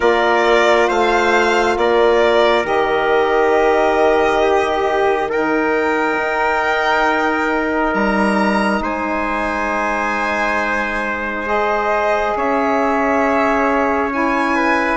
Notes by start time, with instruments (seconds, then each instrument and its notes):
0.00 bassoon A#3, saxophone F4, trumpet A#4, violin D5
0.87 bassoon A3, trumpet C5, violin F5
1.76 bassoon A#3, trumpet A#4, violin D5
2.64 bassoon D#3, saxophone G4, violin D#5
4.42 trumpet G4
5.29 saxophone D#4, trumpet A#4, violin G5
6.17 bassoon D#4
7.94 bassoon G3, violin A#5
8.80 bassoon G#3, trumpet C5, violin G#5
11.45 saxophone G#4, violin D#5
12.35 bassoon C#4, trumpet C#5, violin E5
14.11 saxophone E4, violin G#5
14.55 trumpet B4